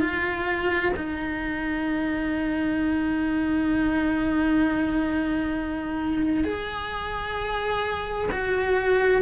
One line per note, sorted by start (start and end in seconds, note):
0.00 0.92 F4
0.96 6.44 D#4
6.44 8.28 G#4
8.31 9.21 F#4